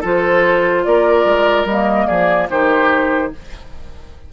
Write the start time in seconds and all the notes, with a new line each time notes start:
0.00 F3 F4 A4 C5
0.84 A#3 A#4 D5
1.24 G#3
1.65 G3 A#3 D#5
2.07 F3 G#4 D5
2.49 D#3 D#4 G4 C5